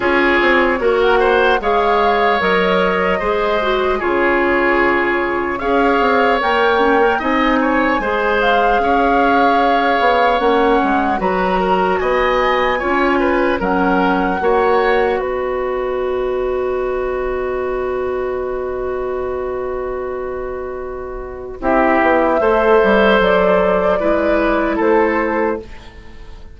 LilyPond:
<<
  \new Staff \with { instrumentName = "flute" } { \time 4/4 \tempo 4 = 75 cis''4~ cis''16 fis''8. f''4 dis''4~ | dis''4 cis''2 f''4 | g''4 gis''4. f''4.~ | f''4 fis''4 ais''4 gis''4~ |
gis''4 fis''2 dis''4~ | dis''1~ | dis''2. e''4~ | e''4 d''2 c''4 | }
  \new Staff \with { instrumentName = "oboe" } { \time 4/4 gis'4 ais'8 c''8 cis''2 | c''4 gis'2 cis''4~ | cis''4 dis''8 cis''8 c''4 cis''4~ | cis''2 b'8 ais'8 dis''4 |
cis''8 b'8 ais'4 cis''4 b'4~ | b'1~ | b'2. g'4 | c''2 b'4 a'4 | }
  \new Staff \with { instrumentName = "clarinet" } { \time 4/4 f'4 fis'4 gis'4 ais'4 | gis'8 fis'8 f'2 gis'4 | ais'8 cis'16 ais'16 dis'4 gis'2~ | gis'4 cis'4 fis'2 |
f'4 cis'4 fis'2~ | fis'1~ | fis'2. e'4 | a'2 e'2 | }
  \new Staff \with { instrumentName = "bassoon" } { \time 4/4 cis'8 c'8 ais4 gis4 fis4 | gis4 cis2 cis'8 c'8 | ais4 c'4 gis4 cis'4~ | cis'8 b8 ais8 gis8 fis4 b4 |
cis'4 fis4 ais4 b4~ | b1~ | b2. c'8 b8 | a8 g8 fis4 gis4 a4 | }
>>